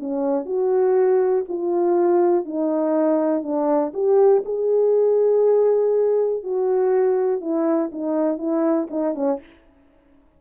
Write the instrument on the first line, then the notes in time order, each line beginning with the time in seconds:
horn
0.00 C#4
0.46 F#4
1.49 F4
2.46 D#4
3.43 D4
3.94 G4
4.46 G#4
6.43 F#4
7.41 E4
7.92 D#4
8.38 E4
8.91 D#4
9.15 C#4